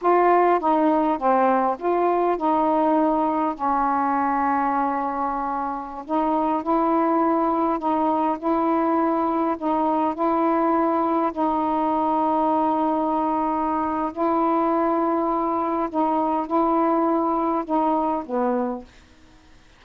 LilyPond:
\new Staff \with { instrumentName = "saxophone" } { \time 4/4 \tempo 4 = 102 f'4 dis'4 c'4 f'4 | dis'2 cis'2~ | cis'2~ cis'16 dis'4 e'8.~ | e'4~ e'16 dis'4 e'4.~ e'16~ |
e'16 dis'4 e'2 dis'8.~ | dis'1 | e'2. dis'4 | e'2 dis'4 b4 | }